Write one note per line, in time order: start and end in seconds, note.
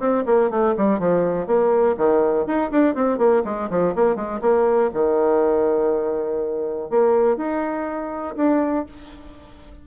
0.00 0.25 C4
0.26 0.51 A#3
0.51 0.75 A3
0.78 1.00 G3
1.00 1.47 F3
1.47 1.96 A#3
1.97 2.47 D#3
2.47 2.71 D#4
2.72 2.95 D4
2.95 3.19 C4
3.19 3.43 A#3
3.45 3.70 G#3
3.70 3.95 F3
3.96 4.16 A#3
4.16 4.41 G#3
4.42 4.91 A#3
4.94 6.91 D#3
6.91 7.37 A#3
7.37 8.36 D#4
8.37 8.86 D4